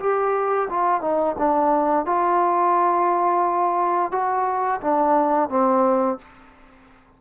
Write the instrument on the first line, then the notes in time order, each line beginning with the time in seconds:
trombone
0.00 G4
0.70 F4
1.02 D#4
1.39 D4
2.06 F4
4.12 F#4
4.82 D4
5.50 C4